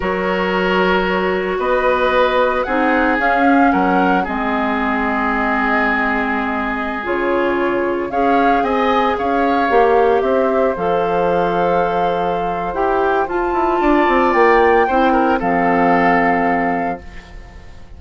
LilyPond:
<<
  \new Staff \with { instrumentName = "flute" } { \time 4/4 \tempo 4 = 113 cis''2. dis''4~ | dis''4 fis''4 f''4 fis''4 | dis''1~ | dis''4~ dis''16 cis''2 f''8.~ |
f''16 gis''4 f''2 e''8.~ | e''16 f''2.~ f''8. | g''4 a''2 g''4~ | g''4 f''2. | }
  \new Staff \with { instrumentName = "oboe" } { \time 4/4 ais'2. b'4~ | b'4 gis'2 ais'4 | gis'1~ | gis'2.~ gis'16 cis''8.~ |
cis''16 dis''4 cis''2 c''8.~ | c''1~ | c''2 d''2 | c''8 ais'8 a'2. | }
  \new Staff \with { instrumentName = "clarinet" } { \time 4/4 fis'1~ | fis'4 dis'4 cis'2 | c'1~ | c'4~ c'16 f'2 gis'8.~ |
gis'2~ gis'16 g'4.~ g'16~ | g'16 a'2.~ a'8. | g'4 f'2. | e'4 c'2. | }
  \new Staff \with { instrumentName = "bassoon" } { \time 4/4 fis2. b4~ | b4 c'4 cis'4 fis4 | gis1~ | gis4~ gis16 cis2 cis'8.~ |
cis'16 c'4 cis'4 ais4 c'8.~ | c'16 f2.~ f8. | e'4 f'8 e'8 d'8 c'8 ais4 | c'4 f2. | }
>>